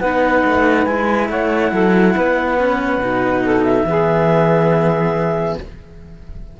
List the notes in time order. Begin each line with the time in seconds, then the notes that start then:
0.00 B3 D#4 B4 F#5
0.45 A3
0.85 G#3 E4 G#5
1.29 A3 C#5 F#5
1.71 F#3 A4
2.16 B3 B4
2.59 C#4
2.98 B2 D#4
3.43 A4
3.64 E5
3.84 E3 B3 G#4